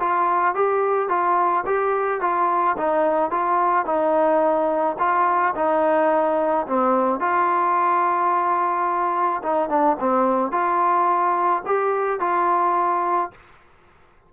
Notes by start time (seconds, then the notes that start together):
0.00 F4
0.55 G4
1.09 F4
1.66 G4
2.21 F4
2.78 D#4
3.31 F4
3.86 D#4
4.99 F4
5.56 D#4
6.67 C4
7.20 F4
9.43 D#4
9.70 D4
10.00 C4
10.52 F4
11.66 G4
12.20 F4